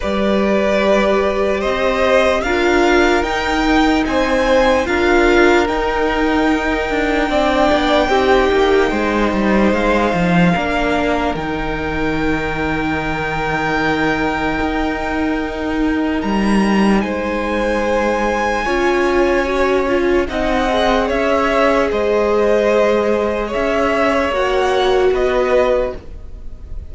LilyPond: <<
  \new Staff \with { instrumentName = "violin" } { \time 4/4 \tempo 4 = 74 d''2 dis''4 f''4 | g''4 gis''4 f''4 g''4~ | g''1 | f''2 g''2~ |
g''1 | ais''4 gis''2.~ | gis''4 fis''4 e''4 dis''4~ | dis''4 e''4 fis''4 dis''4 | }
  \new Staff \with { instrumentName = "violin" } { \time 4/4 b'2 c''4 ais'4~ | ais'4 c''4 ais'2~ | ais'4 d''4 g'4 c''4~ | c''4 ais'2.~ |
ais'1~ | ais'4 c''2 cis''4~ | cis''4 dis''4 cis''4 c''4~ | c''4 cis''2 b'4 | }
  \new Staff \with { instrumentName = "viola" } { \time 4/4 g'2. f'4 | dis'2 f'4 dis'4~ | dis'4 d'4 dis'2~ | dis'4 d'4 dis'2~ |
dis'1~ | dis'2. f'4 | fis'8 f'8 dis'8 gis'2~ gis'8~ | gis'2 fis'2 | }
  \new Staff \with { instrumentName = "cello" } { \time 4/4 g2 c'4 d'4 | dis'4 c'4 d'4 dis'4~ | dis'8 d'8 c'8 b8 c'8 ais8 gis8 g8 | gis8 f8 ais4 dis2~ |
dis2 dis'2 | g4 gis2 cis'4~ | cis'4 c'4 cis'4 gis4~ | gis4 cis'4 ais4 b4 | }
>>